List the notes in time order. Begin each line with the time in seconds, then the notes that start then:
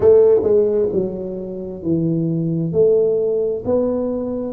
0.00 A3
0.43 G#3
0.92 F#3
1.82 E3
2.72 A3
3.64 B3